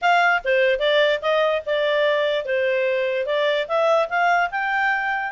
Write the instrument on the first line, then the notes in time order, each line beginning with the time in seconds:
clarinet
0.01 F5
0.44 C5
0.79 D5
1.21 D#5
1.65 D5
2.45 C5
3.26 D5
3.68 E5
4.09 F5
4.51 G5